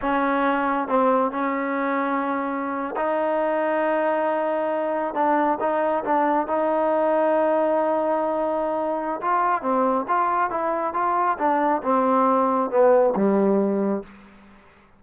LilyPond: \new Staff \with { instrumentName = "trombone" } { \time 4/4 \tempo 4 = 137 cis'2 c'4 cis'4~ | cis'2~ cis'8. dis'4~ dis'16~ | dis'2.~ dis'8. d'16~ | d'8. dis'4 d'4 dis'4~ dis'16~ |
dis'1~ | dis'4 f'4 c'4 f'4 | e'4 f'4 d'4 c'4~ | c'4 b4 g2 | }